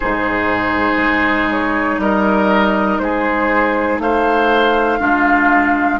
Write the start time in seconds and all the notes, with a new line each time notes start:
0.00 G#2 D#4 G#4 C5
0.96 G#3
1.50 C#5
1.98 G3 A#4 D#5
2.98 G#3 G#4 C5
3.98 A3 C5 F5
4.99 G#3 D4 F4